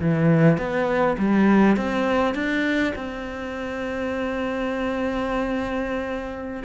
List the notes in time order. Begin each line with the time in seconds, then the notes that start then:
0.00 E3
0.57 B3
1.18 G3
1.76 C4
2.34 D4
2.95 C4